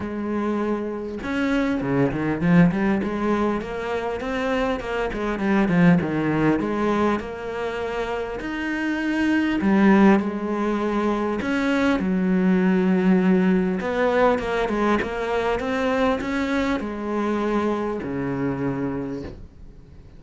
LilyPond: \new Staff \with { instrumentName = "cello" } { \time 4/4 \tempo 4 = 100 gis2 cis'4 cis8 dis8 | f8 g8 gis4 ais4 c'4 | ais8 gis8 g8 f8 dis4 gis4 | ais2 dis'2 |
g4 gis2 cis'4 | fis2. b4 | ais8 gis8 ais4 c'4 cis'4 | gis2 cis2 | }